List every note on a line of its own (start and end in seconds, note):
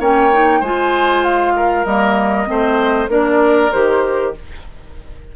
0.00 0.61 A#3
0.00 0.32 C#4
0.00 0.60 C#5
0.00 0.63 G5
0.32 0.63 D#4
0.60 1.85 G#3
0.60 1.86 F4
0.60 1.53 C5
0.60 1.24 G#5
1.24 1.85 F5
1.56 2.48 A#4
1.85 2.47 G3
1.85 2.46 A#3
1.85 3.09 D#5
2.46 3.09 A3
2.46 3.08 C4
2.46 3.11 C5
3.09 3.71 A#3
3.09 3.72 D4
3.09 4.34 A#4
3.09 3.72 D5
3.72 4.36 D#3
3.72 4.35 G4
3.72 4.34 C5